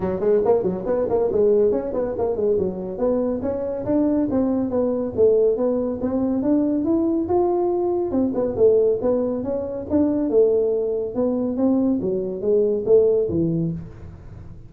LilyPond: \new Staff \with { instrumentName = "tuba" } { \time 4/4 \tempo 4 = 140 fis8 gis8 ais8 fis8 b8 ais8 gis4 | cis'8 b8 ais8 gis8 fis4 b4 | cis'4 d'4 c'4 b4 | a4 b4 c'4 d'4 |
e'4 f'2 c'8 b8 | a4 b4 cis'4 d'4 | a2 b4 c'4 | fis4 gis4 a4 e4 | }